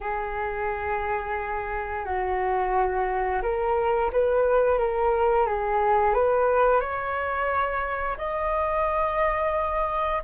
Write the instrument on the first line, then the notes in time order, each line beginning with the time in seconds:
flute
0.00 G#4
2.05 F#4
3.42 A#4
4.12 B4
4.78 A#4
5.46 G#4
6.14 B4
6.80 C#5
8.17 D#5